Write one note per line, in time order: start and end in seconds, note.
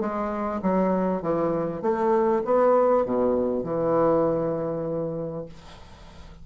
0.00 0.61 G#3
0.62 1.22 F#3
1.22 1.82 E3
1.82 2.42 A3
2.45 3.05 B3
3.05 3.63 B2
3.63 5.45 E3